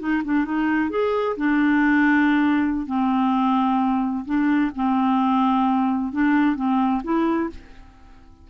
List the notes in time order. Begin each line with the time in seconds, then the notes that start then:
0.00 D#4
0.25 D4
0.45 D#4
0.91 G#4
1.37 D4
2.87 C4
4.25 D4
4.76 C4
6.13 D4
6.56 C4
7.04 E4